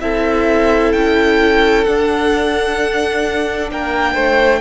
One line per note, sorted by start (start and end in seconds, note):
0.00 0.93 C4
0.00 1.85 E4
0.00 3.71 A4
0.00 0.92 E5
0.92 1.86 C#4
0.92 1.84 G5
1.84 4.60 D4
1.84 3.70 D4
1.84 3.69 F#5
3.70 4.14 A#3
3.70 4.13 A#4
3.70 4.60 G5
4.13 4.60 A3
4.13 4.59 C5